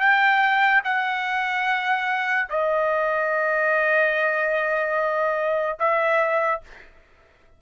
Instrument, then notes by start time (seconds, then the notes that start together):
trumpet
0.00 G5
0.84 F#5
2.50 D#5
5.79 E5